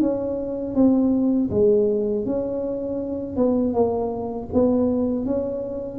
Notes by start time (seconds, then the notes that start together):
0.00 C#4
0.75 C4
1.50 G#3
2.25 C#4
3.36 B3
3.73 A#3
4.53 B3
5.25 C#4